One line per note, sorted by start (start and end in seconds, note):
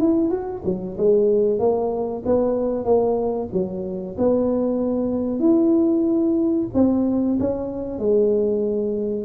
0.00 0.30 E4
0.30 0.62 F#4
0.65 0.97 F#3
0.98 1.59 G#3
1.59 2.23 A#3
2.26 2.85 B3
2.85 3.49 A#3
3.53 4.17 F#3
4.18 5.40 B3
5.40 6.67 E4
6.74 7.38 C4
7.40 7.99 C#4
7.99 9.25 G#3